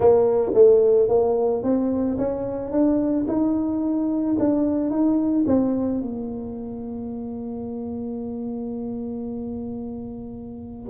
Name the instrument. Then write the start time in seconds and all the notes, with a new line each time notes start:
tuba
0.00 A#3
0.53 A3
1.08 A#3
1.63 C4
2.18 C#4
2.71 D4
3.28 D#4
4.39 D4
4.90 D#4
5.46 C4
6.01 A#3